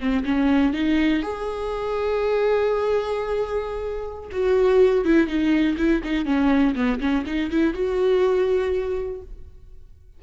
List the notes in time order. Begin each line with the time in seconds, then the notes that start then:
0.00 C4
0.25 C#4
0.74 D#4
1.23 G#4
4.32 F#4
5.05 E4
5.28 D#4
5.78 E4
6.04 D#4
6.26 C#4
6.75 B3
7.00 C#4
7.27 D#4
7.51 E4
7.74 F#4